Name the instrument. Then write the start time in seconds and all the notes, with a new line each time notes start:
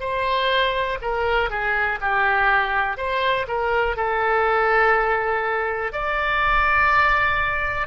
oboe
0.00 C5
1.01 A#4
1.50 G#4
2.01 G4
2.97 C5
3.47 A#4
3.97 A4
5.92 D5